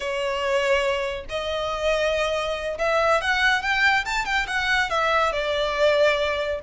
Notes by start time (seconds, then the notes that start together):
0.00 C#5
1.29 D#5
2.78 E5
3.21 F#5
3.62 G5
4.05 A5
4.25 G5
4.47 F#5
4.90 E5
5.32 D5